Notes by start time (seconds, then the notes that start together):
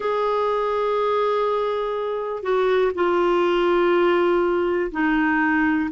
0.00 G#4
2.42 F#4
2.94 F4
4.91 D#4